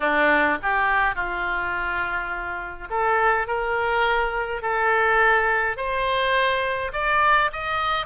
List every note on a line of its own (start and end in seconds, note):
0.00 0.58 D4
0.62 1.15 G4
1.15 2.88 F4
2.90 3.47 A4
3.47 4.62 A#4
4.62 5.76 A4
5.76 6.92 C5
6.93 7.50 D5
7.52 8.06 D#5